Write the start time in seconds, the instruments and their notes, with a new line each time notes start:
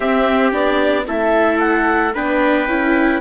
0.00 bassoon C4, viola C4, trumpet G4, clarinet E5
0.51 bassoon B3, viola D4, clarinet D5
1.06 bassoon A3, viola E4, trumpet A4, clarinet E5
1.59 clarinet F#5
2.14 bassoon B3, viola D4, trumpet B4, clarinet G5
2.67 bassoon C#4, viola E4